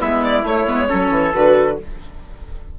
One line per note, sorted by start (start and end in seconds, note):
0.00 0.44 G#3
0.00 0.44 B3
0.00 0.88 E4
0.00 0.23 E5
0.24 0.46 D5
0.44 0.66 A3
0.44 0.68 A3
0.44 1.34 C#5
0.67 0.89 G#3
0.67 0.88 B3
0.88 1.10 F#3
0.88 1.32 C#4
0.88 1.77 A4
1.10 1.32 E3
1.34 1.79 D3
1.34 1.78 F#4
1.34 1.77 B4